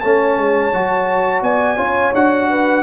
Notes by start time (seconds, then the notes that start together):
0.00 A3 C#4 C#5 A5
0.37 G#3
0.72 F#3 F#4
1.41 B3 D5 G#5
1.77 C#4 F4 C#5
2.13 D4 F#4 F#5
2.50 B4